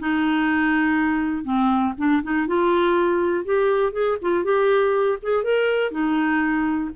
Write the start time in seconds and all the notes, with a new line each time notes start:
0.00 D#4
1.44 C4
1.98 D4
2.23 D#4
2.47 F4
3.45 G4
3.93 G#4
4.22 F4
4.44 G4
5.23 G#4
5.44 A#4
5.91 D#4